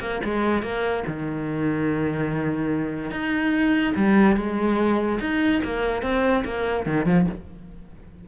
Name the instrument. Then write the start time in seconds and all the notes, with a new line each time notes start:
cello
0.00 A#3
0.24 G#3
0.62 A#3
1.07 D#3
3.11 D#4
3.96 G3
4.36 G#3
5.20 D#4
5.64 A#3
6.02 C4
6.45 A#3
6.86 D#3
7.06 F3